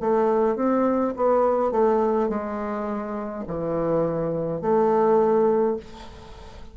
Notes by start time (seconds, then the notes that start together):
0.00 A3
0.56 C4
1.16 B3
1.71 A3
2.29 G#3
3.47 E3
4.61 A3